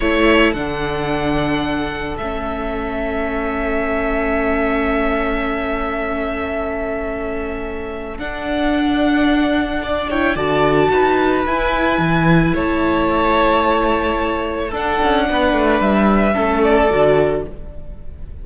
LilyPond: <<
  \new Staff \with { instrumentName = "violin" } { \time 4/4 \tempo 4 = 110 cis''4 fis''2. | e''1~ | e''1~ | e''2. fis''4~ |
fis''2~ fis''8 g''8 a''4~ | a''4 gis''2 a''4~ | a''2. fis''4~ | fis''4 e''4. d''4. | }
  \new Staff \with { instrumentName = "violin" } { \time 4/4 a'1~ | a'1~ | a'1~ | a'1~ |
a'2 d''8 cis''8 d''4 | b'2. cis''4~ | cis''2. a'4 | b'2 a'2 | }
  \new Staff \with { instrumentName = "viola" } { \time 4/4 e'4 d'2. | cis'1~ | cis'1~ | cis'2. d'4~ |
d'2~ d'8 e'8 fis'4~ | fis'4 e'2.~ | e'2. d'4~ | d'2 cis'4 fis'4 | }
  \new Staff \with { instrumentName = "cello" } { \time 4/4 a4 d2. | a1~ | a1~ | a2. d'4~ |
d'2. d4 | dis'4 e'4 e4 a4~ | a2. d'8 cis'8 | b8 a8 g4 a4 d4 | }
>>